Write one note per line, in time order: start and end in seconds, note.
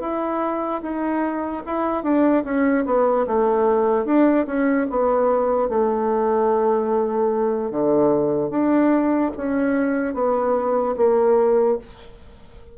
0.00 0.81 E4
0.82 1.63 D#4
1.65 2.03 E4
2.03 2.44 D4
2.44 2.85 C#4
2.85 3.26 B3
3.27 4.05 A3
4.05 4.46 D4
4.46 4.87 C#4
4.90 5.69 B3
5.69 7.71 A3
7.71 8.50 D3
8.50 9.31 D4
9.36 10.14 C#4
10.14 10.95 B3
10.96 11.78 A#3